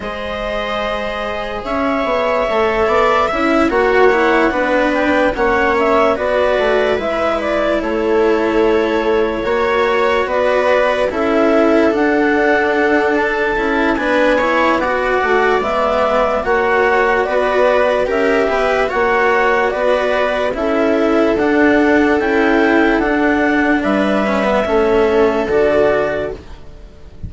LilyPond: <<
  \new Staff \with { instrumentName = "clarinet" } { \time 4/4 \tempo 4 = 73 dis''2 e''2~ | e''8 fis''4. g''8 fis''8 e''8 d''8~ | d''8 e''8 d''8 cis''2~ cis''8~ | cis''8 d''4 e''4 fis''4. |
a''4 gis''4 fis''4 e''4 | fis''4 d''4 e''4 fis''4 | d''4 e''4 fis''4 g''4 | fis''4 e''2 d''4 | }
  \new Staff \with { instrumentName = "viola" } { \time 4/4 c''2 cis''4. d''8 | e''8 cis''4 b'4 cis''4 b'8~ | b'4. a'2 cis''8~ | cis''8 b'4 a'2~ a'8~ |
a'4 b'8 cis''8 d''2 | cis''4 b'4 ais'8 b'8 cis''4 | b'4 a'2.~ | a'4 b'4 a'2 | }
  \new Staff \with { instrumentName = "cello" } { \time 4/4 gis'2. a'4 | e'8 fis'8 e'8 d'4 cis'4 fis'8~ | fis'8 e'2. fis'8~ | fis'4. e'4 d'4.~ |
d'8 e'8 d'8 e'8 fis'4 b4 | fis'2 g'4 fis'4~ | fis'4 e'4 d'4 e'4 | d'4. cis'16 b16 cis'4 fis'4 | }
  \new Staff \with { instrumentName = "bassoon" } { \time 4/4 gis2 cis'8 b8 a8 b8 | cis'8 ais4 b4 ais4 b8 | a8 gis4 a2 ais8~ | ais8 b4 cis'4 d'4.~ |
d'8 cis'8 b4. a8 gis4 | ais4 b4 cis'8 b8 ais4 | b4 cis'4 d'4 cis'4 | d'4 g4 a4 d4 | }
>>